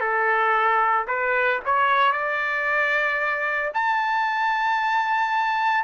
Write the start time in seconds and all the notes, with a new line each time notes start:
0.00 A4
1.07 B4
1.65 C#5
2.12 D5
3.74 A5